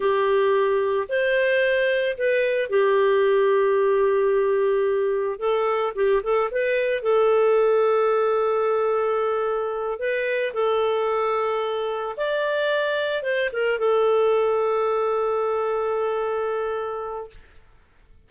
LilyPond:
\new Staff \with { instrumentName = "clarinet" } { \time 4/4 \tempo 4 = 111 g'2 c''2 | b'4 g'2.~ | g'2 a'4 g'8 a'8 | b'4 a'2.~ |
a'2~ a'8 b'4 a'8~ | a'2~ a'8 d''4.~ | d''8 c''8 ais'8 a'2~ a'8~ | a'1 | }